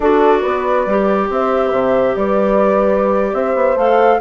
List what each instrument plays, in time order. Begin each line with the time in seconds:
0.00 bassoon D4, clarinet F#4, horn A4, flute D5
0.41 bassoon B3, horn B4
0.85 bassoon G3, clarinet G4
1.29 bassoon C4, horn C5, flute E5
1.65 bassoon C3, horn B4
1.73 horn C5
2.15 bassoon G3, horn B4, flute D5
3.33 bassoon C4, horn C5, flute E5
3.55 bassoon B3
3.75 bassoon A3, clarinet A4, flute F5